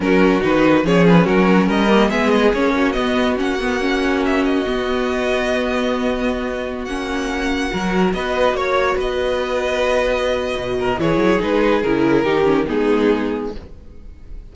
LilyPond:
<<
  \new Staff \with { instrumentName = "violin" } { \time 4/4 \tempo 4 = 142 ais'4 b'4 cis''8 b'8 ais'4 | dis''4 e''8 dis''8 cis''4 dis''4 | fis''2 e''8 dis''4.~ | dis''1~ |
dis''16 fis''2. dis''8.~ | dis''16 cis''4 dis''2~ dis''8.~ | dis''2 cis''4 b'4 | ais'2 gis'2 | }
  \new Staff \with { instrumentName = "violin" } { \time 4/4 fis'2 gis'4 fis'4 | ais'4 gis'4. fis'4.~ | fis'1~ | fis'1~ |
fis'2~ fis'16 ais'4 b'8.~ | b'16 cis''4 b'2~ b'8.~ | b'4. ais'8 gis'2~ | gis'4 g'4 dis'2 | }
  \new Staff \with { instrumentName = "viola" } { \time 4/4 cis'4 dis'4 cis'2~ | cis'8 ais8 b4 cis'4 b4 | cis'8 b8 cis'2 b4~ | b1~ |
b16 cis'2 fis'4.~ fis'16~ | fis'1~ | fis'2 e'4 dis'4 | e'4 dis'8 cis'8 b2 | }
  \new Staff \with { instrumentName = "cello" } { \time 4/4 fis4 dis4 f4 fis4 | g4 gis4 ais4 b4 | ais2. b4~ | b1~ |
b16 ais2 fis4 b8.~ | b16 ais4 b2~ b8.~ | b4 b,4 e8 fis8 gis4 | cis4 dis4 gis2 | }
>>